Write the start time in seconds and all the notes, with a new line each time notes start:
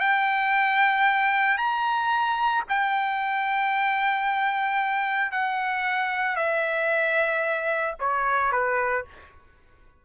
0.00 G5
1.57 A#5
2.69 G5
5.32 F#5
6.36 E5
8.00 C#5
8.52 B4